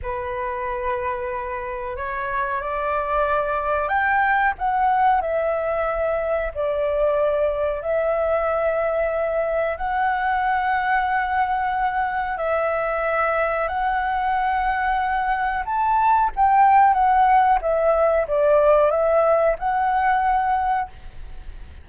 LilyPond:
\new Staff \with { instrumentName = "flute" } { \time 4/4 \tempo 4 = 92 b'2. cis''4 | d''2 g''4 fis''4 | e''2 d''2 | e''2. fis''4~ |
fis''2. e''4~ | e''4 fis''2. | a''4 g''4 fis''4 e''4 | d''4 e''4 fis''2 | }